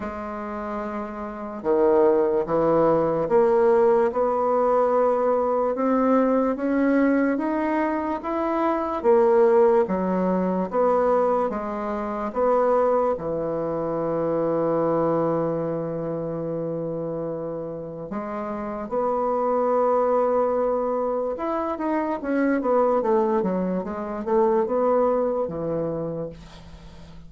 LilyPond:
\new Staff \with { instrumentName = "bassoon" } { \time 4/4 \tempo 4 = 73 gis2 dis4 e4 | ais4 b2 c'4 | cis'4 dis'4 e'4 ais4 | fis4 b4 gis4 b4 |
e1~ | e2 gis4 b4~ | b2 e'8 dis'8 cis'8 b8 | a8 fis8 gis8 a8 b4 e4 | }